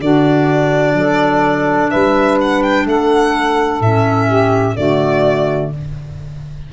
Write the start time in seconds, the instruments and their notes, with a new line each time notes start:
0.00 tuba D3, clarinet D4, saxophone F#4, violin D5
0.94 tuba F#3, saxophone A4
1.90 tuba G3, saxophone B4, violin E5
2.41 violin F#5
2.62 violin G5
2.86 tuba A3, saxophone A4, violin F#5
3.80 tuba A2, clarinet C#4, violin E5
4.27 saxophone G4
4.76 tuba D3, clarinet A3, saxophone F#4, violin D5